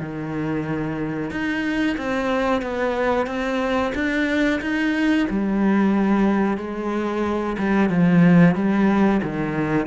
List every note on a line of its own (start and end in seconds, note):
0.00 1.31 D#3
1.31 1.97 D#4
1.98 2.62 C4
2.62 3.27 B3
3.27 3.93 C4
3.95 4.61 D4
4.61 5.27 D#4
5.30 6.58 G3
6.58 7.57 G#3
7.58 7.90 G3
7.90 8.55 F3
8.55 9.21 G3
9.23 9.87 D#3